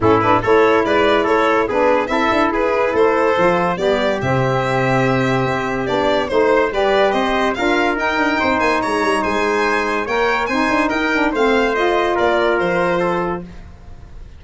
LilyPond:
<<
  \new Staff \with { instrumentName = "violin" } { \time 4/4 \tempo 4 = 143 a'8 b'8 cis''4 d''4 cis''4 | b'4 e''4 b'4 c''4~ | c''4 d''4 e''2~ | e''2 d''4 c''4 |
d''4 dis''4 f''4 g''4~ | g''8 gis''8 ais''4 gis''2 | g''4 gis''4 g''4 f''4 | dis''4 d''4 c''2 | }
  \new Staff \with { instrumentName = "trumpet" } { \time 4/4 e'4 a'4 b'4 a'4 | gis'4 a'4 gis'4 a'4~ | a'4 g'2.~ | g'2. c''4 |
b'4 c''4 ais'2 | c''4 cis''4 c''2 | cis''4 c''4 ais'4 c''4~ | c''4 ais'2 a'4 | }
  \new Staff \with { instrumentName = "saxophone" } { \time 4/4 cis'8 d'8 e'2. | d'4 e'2. | f'4 b4 c'2~ | c'2 d'4 dis'4 |
g'2 f'4 dis'4~ | dis'1 | ais'4 dis'4. d'8 c'4 | f'1 | }
  \new Staff \with { instrumentName = "tuba" } { \time 4/4 a,4 a4 gis4 a4 | b4 c'8 d'8 e'4 a4 | f4 g4 c2~ | c4 c'4 b4 a4 |
g4 c'4 d'4 dis'8 d'8 | c'8 ais8 gis8 g8 gis2 | ais4 c'8 d'8 dis'4 a4~ | a4 ais4 f2 | }
>>